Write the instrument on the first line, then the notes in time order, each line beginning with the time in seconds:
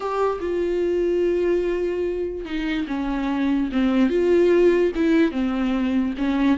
viola
0.00 G4
0.40 F4
2.45 D#4
2.87 C#4
3.72 C4
4.09 F4
4.95 E4
5.31 C4
6.17 C#4